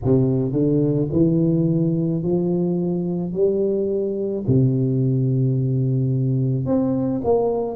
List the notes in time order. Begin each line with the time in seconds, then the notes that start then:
0.03 C3
0.52 D3
1.12 E3
2.22 F3
3.32 G3
4.47 C3
6.65 C4
7.24 A#3